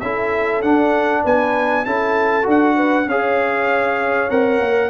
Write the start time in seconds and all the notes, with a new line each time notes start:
0.00 C#4 E4 A4 E5
0.62 D4 F#5
1.23 B3 B4 G#5
1.85 C#4 E4 A4 A5
2.43 D4 F#4
2.50 F#5
2.76 B4
3.07 C#4 G#4 C#5 F5
4.30 C4 A#4 F#5
4.60 A#3